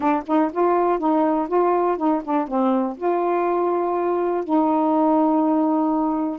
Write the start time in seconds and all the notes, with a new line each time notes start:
0.00 D4
0.26 D#4
0.52 F4
0.98 D#4
1.48 F4
1.97 D#4
2.24 D4
2.47 C4
2.97 F4
4.44 D#4